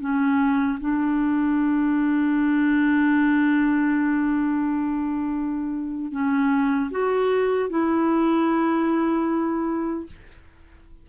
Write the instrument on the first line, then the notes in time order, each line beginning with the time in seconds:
clarinet
0.00 C#4
0.80 D4
6.12 C#4
6.91 F#4
7.70 E4